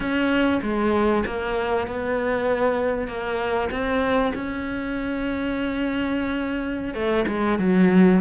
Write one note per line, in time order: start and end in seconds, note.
0.00 0.60 C#4
0.62 1.24 G#3
1.25 1.87 A#3
1.87 3.07 B3
3.07 3.69 A#3
3.70 4.32 C4
4.34 6.94 C#4
6.94 7.25 A3
7.27 7.58 G#3
7.58 8.20 F#3